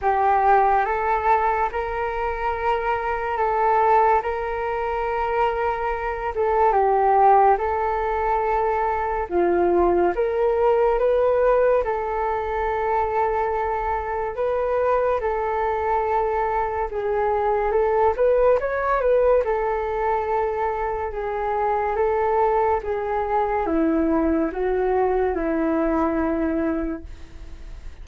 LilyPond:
\new Staff \with { instrumentName = "flute" } { \time 4/4 \tempo 4 = 71 g'4 a'4 ais'2 | a'4 ais'2~ ais'8 a'8 | g'4 a'2 f'4 | ais'4 b'4 a'2~ |
a'4 b'4 a'2 | gis'4 a'8 b'8 cis''8 b'8 a'4~ | a'4 gis'4 a'4 gis'4 | e'4 fis'4 e'2 | }